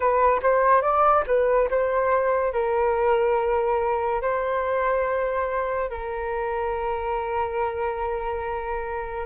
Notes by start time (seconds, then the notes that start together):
0.00 B4
0.42 C5
0.81 D5
1.26 B4
1.70 C5
2.52 A#4
4.21 C5
5.89 A#4